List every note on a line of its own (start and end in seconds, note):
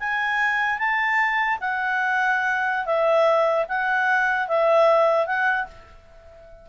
0.00 0.79 G#5
0.79 1.59 A5
1.61 2.86 F#5
2.86 3.66 E5
3.69 4.48 F#5
4.48 5.27 E5
5.27 5.67 F#5